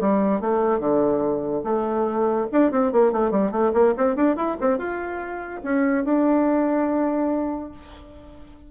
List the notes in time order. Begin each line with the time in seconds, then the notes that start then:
0.00 G3
0.40 A3
0.79 D3
1.64 A3
2.52 D4
2.71 C4
2.92 A#3
3.12 A3
3.31 G3
3.52 A3
3.73 A#3
3.97 C4
4.16 D4
4.36 E4
4.60 C4
4.78 F4
5.63 C#4
6.04 D4